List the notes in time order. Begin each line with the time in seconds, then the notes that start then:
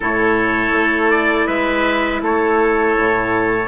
0.00 A2 E4 A4 C#5
0.73 A3
1.10 D5
1.46 G#3 B4 E5
2.21 A3 A4 C#5
2.97 A2